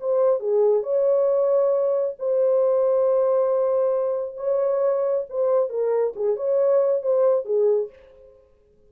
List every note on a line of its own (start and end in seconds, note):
0.00 0.40 C5
0.40 0.83 G#4
0.83 2.15 C#5
2.19 4.36 C5
4.36 5.25 C#5
5.29 5.69 C5
5.69 6.13 A#4
6.15 6.36 G#4
6.36 7.02 C#5
7.02 7.45 C5
7.45 7.89 G#4